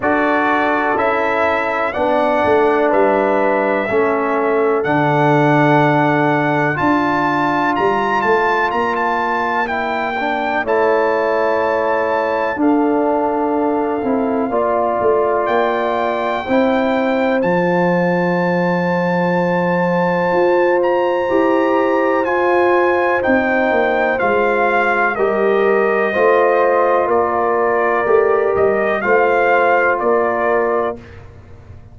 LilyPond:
<<
  \new Staff \with { instrumentName = "trumpet" } { \time 4/4 \tempo 4 = 62 d''4 e''4 fis''4 e''4~ | e''4 fis''2 a''4 | ais''8 a''8 ais''16 a''8. g''4 a''4~ | a''4 f''2. |
g''2 a''2~ | a''4. ais''4. gis''4 | g''4 f''4 dis''2 | d''4. dis''8 f''4 d''4 | }
  \new Staff \with { instrumentName = "horn" } { \time 4/4 a'2 d''4 b'4 | a'2. d''4~ | d''2. cis''4~ | cis''4 a'2 d''4~ |
d''4 c''2.~ | c''1~ | c''2 ais'4 c''4 | ais'2 c''4 ais'4 | }
  \new Staff \with { instrumentName = "trombone" } { \time 4/4 fis'4 e'4 d'2 | cis'4 d'2 f'4~ | f'2 e'8 d'8 e'4~ | e'4 d'4. e'8 f'4~ |
f'4 e'4 f'2~ | f'2 g'4 f'4 | dis'4 f'4 g'4 f'4~ | f'4 g'4 f'2 | }
  \new Staff \with { instrumentName = "tuba" } { \time 4/4 d'4 cis'4 b8 a8 g4 | a4 d2 d'4 | g8 a8 ais2 a4~ | a4 d'4. c'8 ais8 a8 |
ais4 c'4 f2~ | f4 f'4 e'4 f'4 | c'8 ais8 gis4 g4 a4 | ais4 a8 g8 a4 ais4 | }
>>